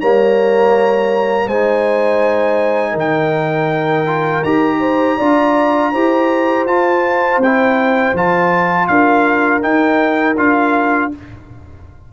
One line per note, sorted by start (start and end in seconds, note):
0.00 1.46 G3
0.00 1.50 A#3
0.00 1.46 C#5
0.00 1.48 A#5
1.46 2.94 G#3
1.46 4.06 D#4
1.46 2.92 C5
1.46 2.96 G#5
2.92 4.42 D#3
2.92 4.77 A#4
2.99 4.44 G5
4.06 4.43 F4
4.43 5.17 D#4
4.43 5.19 G4
4.43 6.66 A#5
4.80 5.17 C5
5.17 5.94 D4
5.17 5.93 F4
5.17 5.91 D5
5.92 6.66 E4
5.92 6.68 G4
5.92 8.88 C5
6.66 7.37 F4
6.66 7.42 F4
6.66 7.41 A5
7.37 8.11 C4
7.37 8.16 G5
7.44 8.15 E4
8.13 8.87 F3
8.13 9.61 F4
8.13 8.87 A5
8.87 9.62 D4
8.87 11.13 A#4
8.87 9.61 F5
9.61 10.35 D#4
9.61 10.37 D#4
9.61 10.36 G5
10.37 11.12 D4
10.37 11.11 F4
10.37 11.12 F5